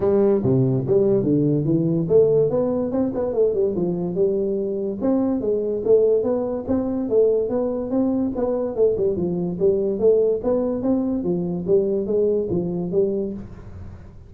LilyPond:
\new Staff \with { instrumentName = "tuba" } { \time 4/4 \tempo 4 = 144 g4 c4 g4 d4 | e4 a4 b4 c'8 b8 | a8 g8 f4 g2 | c'4 gis4 a4 b4 |
c'4 a4 b4 c'4 | b4 a8 g8 f4 g4 | a4 b4 c'4 f4 | g4 gis4 f4 g4 | }